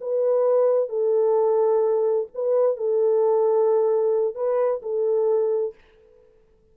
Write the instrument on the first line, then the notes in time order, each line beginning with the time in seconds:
horn
0.00 B4
0.88 A4
2.34 B4
2.76 A4
4.35 B4
4.82 A4